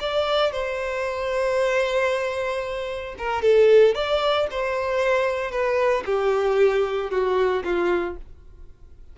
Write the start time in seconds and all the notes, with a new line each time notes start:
0.00 D5
0.52 C5
3.18 A#4
3.42 A4
3.94 D5
4.51 C5
5.51 B4
6.06 G4
7.11 F#4
7.64 F4